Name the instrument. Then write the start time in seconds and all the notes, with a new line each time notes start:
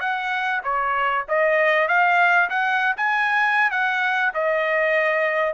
trumpet
0.00 F#5
0.63 C#5
1.28 D#5
1.88 F5
2.49 F#5
2.97 G#5
3.70 F#5
4.34 D#5